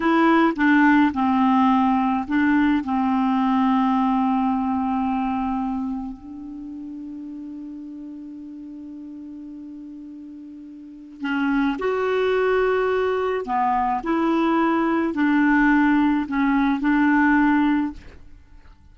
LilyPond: \new Staff \with { instrumentName = "clarinet" } { \time 4/4 \tempo 4 = 107 e'4 d'4 c'2 | d'4 c'2.~ | c'2. d'4~ | d'1~ |
d'1 | cis'4 fis'2. | b4 e'2 d'4~ | d'4 cis'4 d'2 | }